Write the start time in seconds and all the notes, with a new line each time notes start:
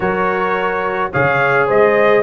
0.00 F#3 F#4 A#4 C#5
1.11 C#3 G#4 C#5 F5
1.66 G#3 C5 D#5